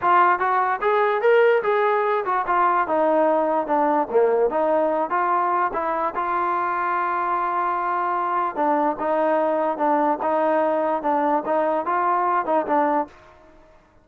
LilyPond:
\new Staff \with { instrumentName = "trombone" } { \time 4/4 \tempo 4 = 147 f'4 fis'4 gis'4 ais'4 | gis'4. fis'8 f'4 dis'4~ | dis'4 d'4 ais4 dis'4~ | dis'8 f'4. e'4 f'4~ |
f'1~ | f'4 d'4 dis'2 | d'4 dis'2 d'4 | dis'4 f'4. dis'8 d'4 | }